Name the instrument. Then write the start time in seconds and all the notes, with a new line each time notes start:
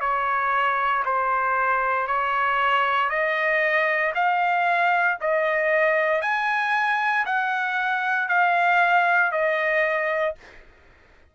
trumpet
0.00 C#5
1.05 C5
2.07 C#5
3.09 D#5
4.14 F5
5.21 D#5
6.21 G#5
7.26 F#5
8.28 F5
9.32 D#5